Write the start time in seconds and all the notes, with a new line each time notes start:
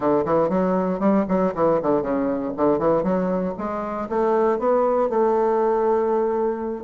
0.00 D3
0.25 E3
0.49 F#3
0.99 G3
1.28 F#3
1.54 E3
1.82 D3
2.02 C#3
2.57 D3
2.79 E3
3.03 F#3
3.58 G#3
4.09 A3
4.58 B3
5.09 A3